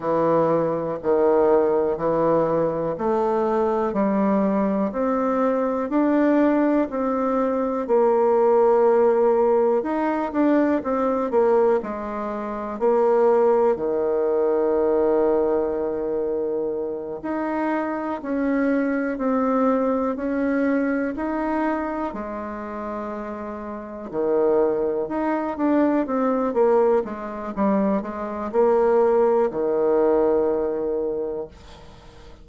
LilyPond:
\new Staff \with { instrumentName = "bassoon" } { \time 4/4 \tempo 4 = 61 e4 dis4 e4 a4 | g4 c'4 d'4 c'4 | ais2 dis'8 d'8 c'8 ais8 | gis4 ais4 dis2~ |
dis4. dis'4 cis'4 c'8~ | c'8 cis'4 dis'4 gis4.~ | gis8 dis4 dis'8 d'8 c'8 ais8 gis8 | g8 gis8 ais4 dis2 | }